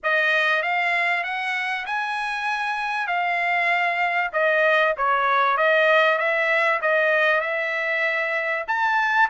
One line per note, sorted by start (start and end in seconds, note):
0.03 0.62 D#5
0.62 1.23 F5
1.23 1.85 F#5
1.86 3.07 G#5
3.07 4.30 F5
4.32 4.94 D#5
4.97 5.57 C#5
5.57 6.18 D#5
6.18 6.80 E5
6.81 7.41 D#5
7.41 8.64 E5
8.67 9.29 A5